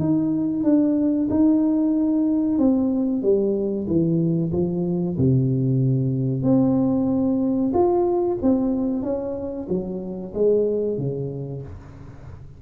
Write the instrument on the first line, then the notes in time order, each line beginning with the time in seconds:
tuba
0.00 D#4
0.64 D4
1.30 D#4
2.59 C4
3.23 G3
3.87 E3
4.52 F3
5.18 C3
6.43 C4
7.74 F4
8.42 C4
9.03 C#4
9.69 F#3
10.34 G#3
10.98 C#3